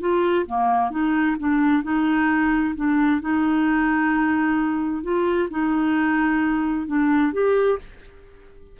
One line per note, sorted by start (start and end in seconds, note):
0.00 0.46 F4
0.46 0.90 A#3
0.90 1.36 D#4
1.39 1.83 D4
1.83 2.74 D#4
2.75 3.21 D4
3.21 5.03 D#4
5.03 5.48 F4
5.50 6.87 D#4
6.87 7.32 D4
7.32 7.78 G4